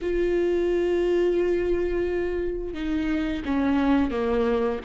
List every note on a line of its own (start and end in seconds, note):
0.01 2.74 F4
2.74 3.43 D#4
3.45 4.10 C#4
4.10 4.79 A#3